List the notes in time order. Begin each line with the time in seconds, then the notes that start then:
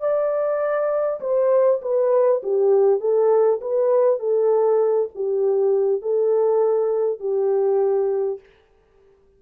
0.00 D5
1.21 C5
1.82 B4
2.43 G4
3.00 A4
3.61 B4
4.19 A4
5.15 G4
6.02 A4
7.20 G4